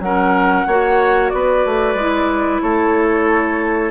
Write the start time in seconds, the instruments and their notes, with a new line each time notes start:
0.00 bassoon F#3, clarinet C#4, oboe A#4, flute F#5
0.67 bassoon A#3, clarinet F#4, oboe C#5
1.30 bassoon B3, oboe B4, flute D5
1.66 bassoon A3
1.95 bassoon G#3, clarinet E4
2.62 bassoon A3, oboe A4, flute C#5